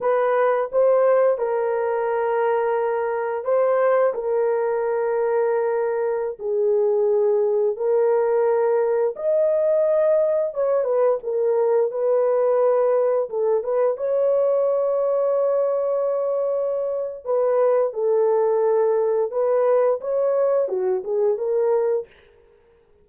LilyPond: \new Staff \with { instrumentName = "horn" } { \time 4/4 \tempo 4 = 87 b'4 c''4 ais'2~ | ais'4 c''4 ais'2~ | ais'4~ ais'16 gis'2 ais'8.~ | ais'4~ ais'16 dis''2 cis''8 b'16~ |
b'16 ais'4 b'2 a'8 b'16~ | b'16 cis''2.~ cis''8.~ | cis''4 b'4 a'2 | b'4 cis''4 fis'8 gis'8 ais'4 | }